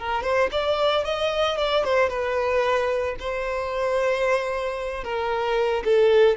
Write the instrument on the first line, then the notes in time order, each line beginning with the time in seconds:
violin
0.00 A#4
0.24 C5
0.52 D5
1.05 D#5
1.58 D5
1.85 C5
2.10 B4
3.20 C5
5.04 A#4
5.85 A4